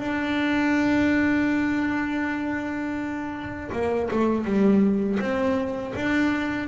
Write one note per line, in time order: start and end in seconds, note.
0.00 3.70 D4
3.72 4.09 A#3
4.10 4.45 A3
4.45 5.19 G3
5.20 5.94 C4
5.95 6.68 D4